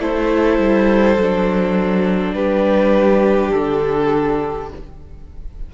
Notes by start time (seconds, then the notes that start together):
0.00 A3 E4 A4 C5
0.59 G3
1.18 F#3 D4
2.33 G3 G4 B4
3.51 D3 A4